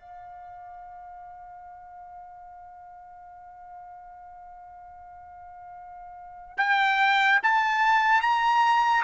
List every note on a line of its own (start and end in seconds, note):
0.00 6.58 F5
6.58 7.40 G5
7.43 8.22 A5
8.22 9.04 A#5